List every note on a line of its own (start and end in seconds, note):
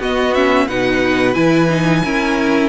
0.00 0.67 B3
0.00 0.35 B3
0.00 0.66 F#4
0.00 0.34 D#5
0.34 0.68 C#4
0.34 0.68 E5
0.66 1.35 B2
0.66 1.34 D#4
0.66 2.01 B4
0.66 1.34 F#5
1.34 2.03 E3
1.34 1.68 E4
1.34 2.69 G#5
1.69 2.03 D#4
2.04 2.69 C#4
2.04 2.69 E4
2.04 2.69 A#4